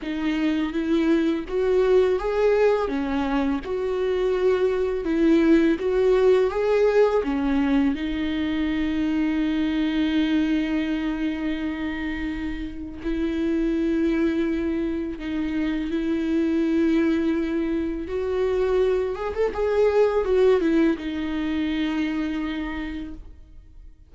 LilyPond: \new Staff \with { instrumentName = "viola" } { \time 4/4 \tempo 4 = 83 dis'4 e'4 fis'4 gis'4 | cis'4 fis'2 e'4 | fis'4 gis'4 cis'4 dis'4~ | dis'1~ |
dis'2 e'2~ | e'4 dis'4 e'2~ | e'4 fis'4. gis'16 a'16 gis'4 | fis'8 e'8 dis'2. | }